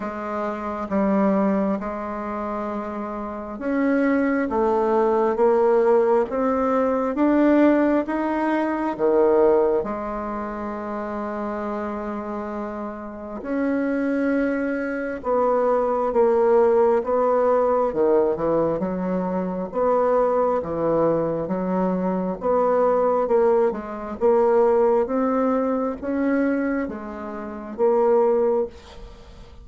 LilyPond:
\new Staff \with { instrumentName = "bassoon" } { \time 4/4 \tempo 4 = 67 gis4 g4 gis2 | cis'4 a4 ais4 c'4 | d'4 dis'4 dis4 gis4~ | gis2. cis'4~ |
cis'4 b4 ais4 b4 | dis8 e8 fis4 b4 e4 | fis4 b4 ais8 gis8 ais4 | c'4 cis'4 gis4 ais4 | }